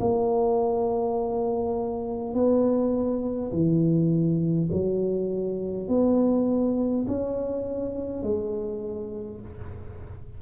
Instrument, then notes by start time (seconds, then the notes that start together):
tuba
0.00 A#3
2.34 B3
3.52 E3
4.72 F#3
5.88 B3
7.08 C#4
8.23 G#3